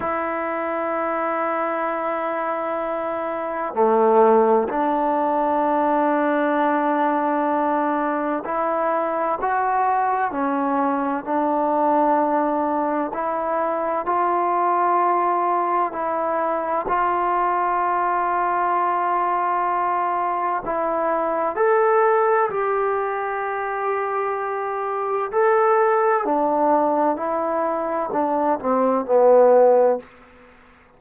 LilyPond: \new Staff \with { instrumentName = "trombone" } { \time 4/4 \tempo 4 = 64 e'1 | a4 d'2.~ | d'4 e'4 fis'4 cis'4 | d'2 e'4 f'4~ |
f'4 e'4 f'2~ | f'2 e'4 a'4 | g'2. a'4 | d'4 e'4 d'8 c'8 b4 | }